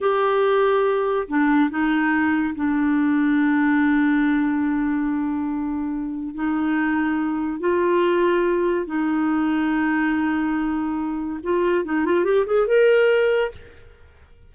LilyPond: \new Staff \with { instrumentName = "clarinet" } { \time 4/4 \tempo 4 = 142 g'2. d'4 | dis'2 d'2~ | d'1~ | d'2. dis'4~ |
dis'2 f'2~ | f'4 dis'2.~ | dis'2. f'4 | dis'8 f'8 g'8 gis'8 ais'2 | }